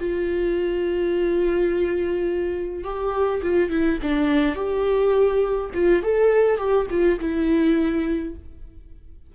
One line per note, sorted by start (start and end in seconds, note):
0.00 2.84 F4
2.84 3.42 G4
3.43 3.70 F4
3.70 3.99 E4
4.03 4.55 D4
4.55 5.71 G4
5.74 6.03 F4
6.03 6.58 A4
6.58 6.87 G4
6.90 7.19 F4
7.20 8.35 E4